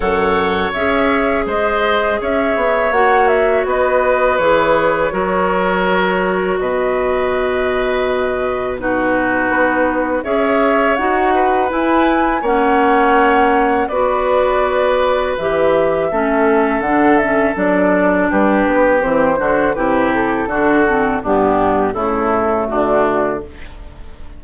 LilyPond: <<
  \new Staff \with { instrumentName = "flute" } { \time 4/4 \tempo 4 = 82 fis''4 e''4 dis''4 e''4 | fis''8 e''8 dis''4 cis''2~ | cis''4 dis''2. | b'2 e''4 fis''4 |
gis''4 fis''2 d''4~ | d''4 e''2 fis''8 e''8 | d''4 b'4 c''4 b'8 a'8~ | a'4 g'4 a'4 fis'4 | }
  \new Staff \with { instrumentName = "oboe" } { \time 4/4 cis''2 c''4 cis''4~ | cis''4 b'2 ais'4~ | ais'4 b'2. | fis'2 cis''4. b'8~ |
b'4 cis''2 b'4~ | b'2 a'2~ | a'4 g'4. fis'8 g'4 | fis'4 d'4 e'4 d'4 | }
  \new Staff \with { instrumentName = "clarinet" } { \time 4/4 a'4 gis'2. | fis'2 gis'4 fis'4~ | fis'1 | dis'2 gis'4 fis'4 |
e'4 cis'2 fis'4~ | fis'4 g'4 cis'4 d'8 cis'8 | d'2 c'8 d'8 e'4 | d'8 c'8 b4 a2 | }
  \new Staff \with { instrumentName = "bassoon" } { \time 4/4 fis,4 cis'4 gis4 cis'8 b8 | ais4 b4 e4 fis4~ | fis4 b,2.~ | b,4 b4 cis'4 dis'4 |
e'4 ais2 b4~ | b4 e4 a4 d4 | fis4 g8 b8 e8 d8 c4 | d4 g,4 cis4 d4 | }
>>